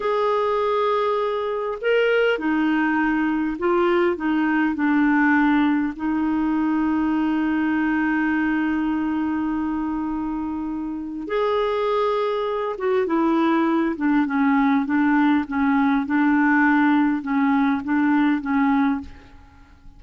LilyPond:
\new Staff \with { instrumentName = "clarinet" } { \time 4/4 \tempo 4 = 101 gis'2. ais'4 | dis'2 f'4 dis'4 | d'2 dis'2~ | dis'1~ |
dis'2. gis'4~ | gis'4. fis'8 e'4. d'8 | cis'4 d'4 cis'4 d'4~ | d'4 cis'4 d'4 cis'4 | }